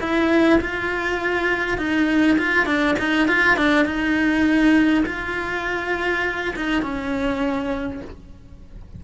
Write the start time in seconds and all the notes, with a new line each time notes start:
0.00 E4
0.60 F4
1.77 D#4
2.38 F4
2.65 D4
2.99 D#4
3.27 F4
3.56 D4
3.85 D#4
5.05 F4
6.55 D#4
6.82 C#4